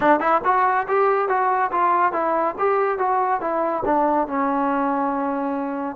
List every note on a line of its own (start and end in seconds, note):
0.00 0.19 D4
0.19 0.41 E4
0.44 0.86 F#4
0.87 1.28 G4
1.28 1.70 F#4
1.71 2.12 F4
2.12 2.55 E4
2.58 2.98 G4
2.98 3.40 F#4
3.40 3.83 E4
3.85 4.27 D4
4.27 5.96 C#4